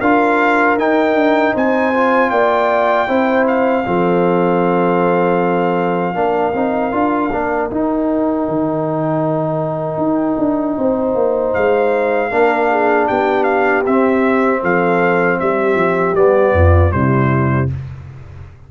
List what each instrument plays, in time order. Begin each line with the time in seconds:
0.00 tuba D4, trombone F4, horn A#4, trumpet F5
0.77 tuba D#4, trombone D#4, trumpet G5
1.14 tuba D4
1.53 tuba C4, horn C5, trumpet G#5
1.93 trombone F4
2.29 tuba A#3, horn D5, trumpet G5
3.07 tuba C4, trombone E4, horn C5
3.47 trumpet F5
3.86 tuba F3, trombone C4, horn A4
6.14 tuba A#3, trombone D4, horn A#4
6.54 tuba C4, trombone D#4
6.91 tuba D4, trombone F4
7.31 tuba A#3, trombone D4
7.70 tuba D#4, trombone D#4, trumpet G5
8.48 tuba D#3
9.97 tuba D#4
10.38 tuba D4
10.77 tuba C4, horn C5
11.14 tuba A#3
11.53 tuba G#3, trumpet F5
12.30 tuba A#3, trombone D4, horn A#4
12.70 horn G#4
13.07 tuba B3, horn G4, trumpet G5
13.43 trumpet F5
13.86 tuba C4, trombone C4, trumpet E5
14.61 tuba F3, horn A4, trumpet F5
15.39 tuba G3, horn G4, trumpet E5
15.74 tuba F3
16.14 tuba G3, trombone B3, trumpet D5
16.52 tuba F2, horn F4
16.90 tuba C3, trombone G3, horn E4, trumpet C5